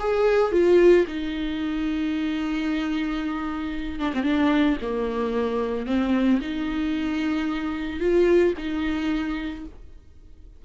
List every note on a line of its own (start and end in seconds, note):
0.00 0.53 G#4
0.53 1.06 F4
1.08 4.00 D#4
4.00 4.13 D4
4.14 4.24 C4
4.24 4.77 D4
4.82 5.87 A#3
5.87 6.40 C4
6.42 8.00 D#4
8.00 8.54 F4
8.58 9.65 D#4